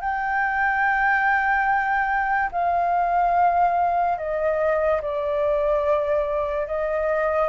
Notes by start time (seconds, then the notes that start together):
0.00 G5
2.51 F5
4.17 D#5
5.01 D5
6.67 D#5